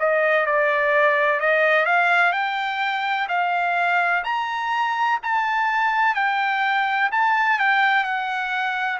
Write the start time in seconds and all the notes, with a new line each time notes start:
0.00 D#5
0.47 D5
1.41 D#5
1.86 F5
2.32 G5
3.29 F5
4.24 A#5
5.23 A5
6.16 G5
7.12 A5
7.60 G5
8.04 F#5